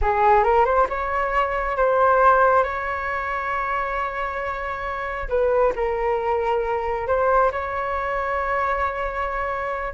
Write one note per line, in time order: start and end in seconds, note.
0.01 0.43 G#4
0.43 0.65 A#4
0.65 0.87 C5
0.89 1.76 C#5
1.76 2.63 C5
2.63 5.28 C#5
5.28 5.73 B4
5.75 7.07 A#4
7.07 7.51 C5
7.51 9.93 C#5